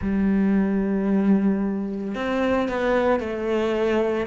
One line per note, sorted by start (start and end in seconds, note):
0.01 2.14 G3
2.14 2.68 C4
2.68 3.19 B3
3.19 4.26 A3